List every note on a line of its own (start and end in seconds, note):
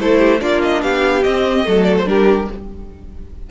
0.00 0.42 A3
0.00 0.40 E4
0.00 0.19 A4
0.00 0.41 C5
0.19 0.40 G4
0.40 0.83 A#3
0.40 1.23 D4
0.40 0.83 F4
0.40 0.62 D5
0.62 0.83 D#5
0.83 1.24 B3
0.83 1.66 G4
0.83 1.24 F5
1.24 1.65 C4
1.24 1.67 C4
1.24 1.84 D#5
1.65 2.06 F#3
1.65 2.06 A3
1.65 2.09 A4
1.84 1.94 D5
1.98 2.08 C5
2.06 2.48 G3
2.06 2.47 D4
2.06 2.51 G4
2.06 2.50 A#4